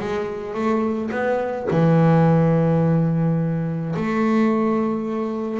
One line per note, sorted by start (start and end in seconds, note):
0.00 0.54 G#3
0.54 1.10 A3
1.11 1.67 B3
1.71 3.95 E3
3.96 5.60 A3